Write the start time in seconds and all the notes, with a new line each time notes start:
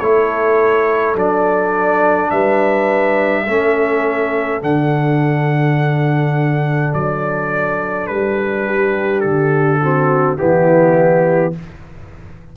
0.00 A3 E4 A4 C#5
1.15 F#3 D4 D5
2.31 G3 B4 E5
3.44 A3 C#4 A4
4.61 D3 D4 F#5
6.94 F#3 D5
8.07 G3 B4
8.66 G4
9.21 D3 A4
9.83 C4 F#4
10.37 E3 B3 E4 G4